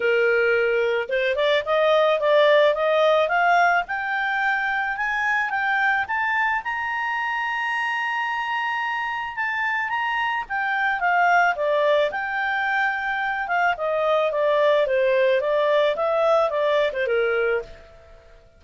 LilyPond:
\new Staff \with { instrumentName = "clarinet" } { \time 4/4 \tempo 4 = 109 ais'2 c''8 d''8 dis''4 | d''4 dis''4 f''4 g''4~ | g''4 gis''4 g''4 a''4 | ais''1~ |
ais''4 a''4 ais''4 g''4 | f''4 d''4 g''2~ | g''8 f''8 dis''4 d''4 c''4 | d''4 e''4 d''8. c''16 ais'4 | }